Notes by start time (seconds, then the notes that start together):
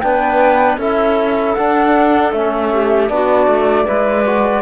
0.00 B3 D4 B4 G5
0.78 C#4 E4 A4 E5
1.55 D4 F#5
2.33 A3 C#4 E5
2.73 G4
3.09 B3 D4 F#4 D5
3.47 A3
3.85 G#3 E4 B4
4.26 F#4